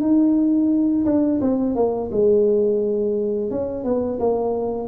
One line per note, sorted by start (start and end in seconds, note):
0.00 1.05 D#4
1.05 1.40 D4
1.40 1.75 C4
1.75 2.10 A#3
2.11 3.50 G#3
3.50 3.84 C#4
3.84 4.19 B3
4.19 4.88 A#3